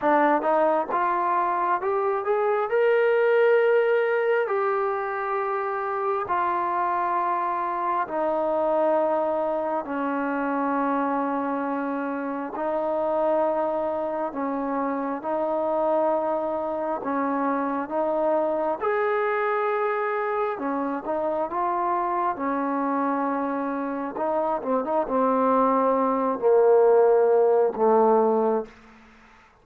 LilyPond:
\new Staff \with { instrumentName = "trombone" } { \time 4/4 \tempo 4 = 67 d'8 dis'8 f'4 g'8 gis'8 ais'4~ | ais'4 g'2 f'4~ | f'4 dis'2 cis'4~ | cis'2 dis'2 |
cis'4 dis'2 cis'4 | dis'4 gis'2 cis'8 dis'8 | f'4 cis'2 dis'8 c'16 dis'16 | c'4. ais4. a4 | }